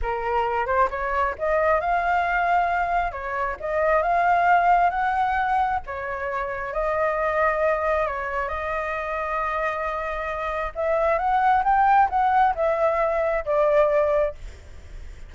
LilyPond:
\new Staff \with { instrumentName = "flute" } { \time 4/4 \tempo 4 = 134 ais'4. c''8 cis''4 dis''4 | f''2. cis''4 | dis''4 f''2 fis''4~ | fis''4 cis''2 dis''4~ |
dis''2 cis''4 dis''4~ | dis''1 | e''4 fis''4 g''4 fis''4 | e''2 d''2 | }